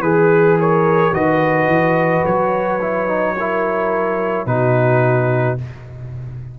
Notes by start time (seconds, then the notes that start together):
0.00 E3 G#4 B4
0.59 A#4 C#5
1.12 D#3 F#4 B4 D#5
1.67 E3
2.25 F#3 C#5
2.81 E4
3.08 D#4
3.37 E4 A#4
4.46 B2 D#4 F#4 B4